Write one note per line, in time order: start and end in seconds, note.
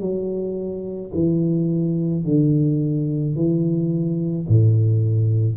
0.00 1.11 F#3
1.14 2.24 E3
2.24 3.35 D3
3.36 4.47 E3
4.48 5.57 A2